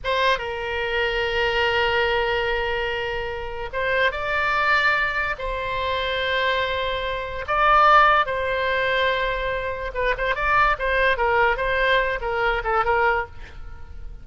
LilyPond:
\new Staff \with { instrumentName = "oboe" } { \time 4/4 \tempo 4 = 145 c''4 ais'2.~ | ais'1~ | ais'4 c''4 d''2~ | d''4 c''2.~ |
c''2 d''2 | c''1 | b'8 c''8 d''4 c''4 ais'4 | c''4. ais'4 a'8 ais'4 | }